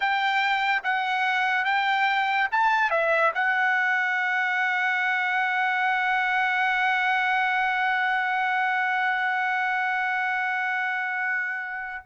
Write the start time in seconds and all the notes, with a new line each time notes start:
0.00 G5
0.83 F#5
1.64 G5
2.51 A5
2.90 E5
3.34 F#5